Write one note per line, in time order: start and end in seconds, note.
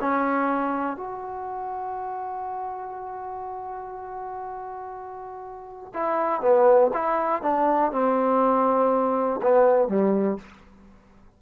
0.00 0.96 C#4
0.96 5.92 F#4
5.94 6.41 E4
6.41 6.91 B3
6.93 7.42 E4
7.42 7.92 D4
7.92 9.41 C4
9.42 9.88 B3
9.88 10.37 G3